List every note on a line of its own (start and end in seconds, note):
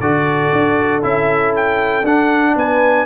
0.00 0.51 D3
0.00 1.02 F#4
0.00 2.54 A4
0.00 1.02 D5
0.52 1.03 D4
1.02 2.03 C#4
1.02 2.03 E4
1.02 1.54 E5
1.55 2.06 G5
2.03 2.54 D4
2.03 3.06 D4
2.03 2.56 F#5
2.55 3.06 B3
2.55 3.06 B4
2.55 3.06 G#5